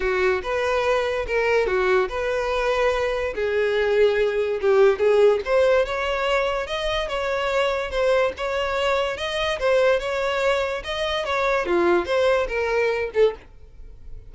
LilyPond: \new Staff \with { instrumentName = "violin" } { \time 4/4 \tempo 4 = 144 fis'4 b'2 ais'4 | fis'4 b'2. | gis'2. g'4 | gis'4 c''4 cis''2 |
dis''4 cis''2 c''4 | cis''2 dis''4 c''4 | cis''2 dis''4 cis''4 | f'4 c''4 ais'4. a'8 | }